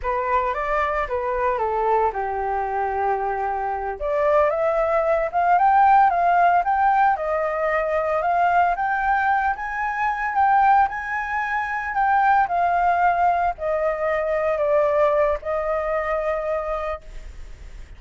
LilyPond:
\new Staff \with { instrumentName = "flute" } { \time 4/4 \tempo 4 = 113 b'4 d''4 b'4 a'4 | g'2.~ g'8 d''8~ | d''8 e''4. f''8 g''4 f''8~ | f''8 g''4 dis''2 f''8~ |
f''8 g''4. gis''4. g''8~ | g''8 gis''2 g''4 f''8~ | f''4. dis''2 d''8~ | d''4 dis''2. | }